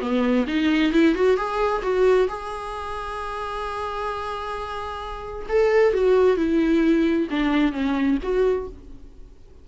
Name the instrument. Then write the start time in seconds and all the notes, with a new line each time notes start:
viola
0.00 B3
0.47 D#4
0.92 E4
1.14 F#4
1.36 G#4
1.82 F#4
2.28 G#4
5.49 A4
5.93 F#4
6.37 E4
7.30 D4
7.72 C#4
8.23 F#4